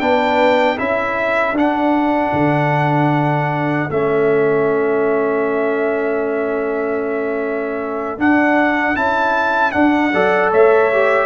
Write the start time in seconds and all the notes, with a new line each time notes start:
0.00 B3 D4 B4 G5
0.77 C#4 E4 A4 E5
1.52 D4 F#5
2.33 D3
3.90 A3 C#4 E5
8.18 D4 F#5
8.95 C#4 E4 A5
9.71 D4 F#5
10.13 F#3 A4 D5
10.51 A3 C#5 E5
10.92 G4